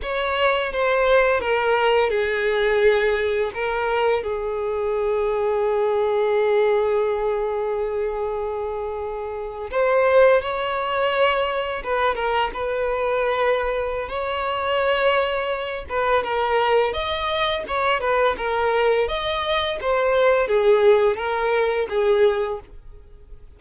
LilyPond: \new Staff \with { instrumentName = "violin" } { \time 4/4 \tempo 4 = 85 cis''4 c''4 ais'4 gis'4~ | gis'4 ais'4 gis'2~ | gis'1~ | gis'4.~ gis'16 c''4 cis''4~ cis''16~ |
cis''8. b'8 ais'8 b'2~ b'16 | cis''2~ cis''8 b'8 ais'4 | dis''4 cis''8 b'8 ais'4 dis''4 | c''4 gis'4 ais'4 gis'4 | }